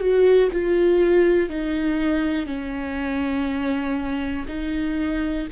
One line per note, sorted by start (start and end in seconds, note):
0.00 0.50 F#4
0.52 1.50 F4
1.50 2.46 D#4
2.46 4.46 C#4
4.48 5.48 D#4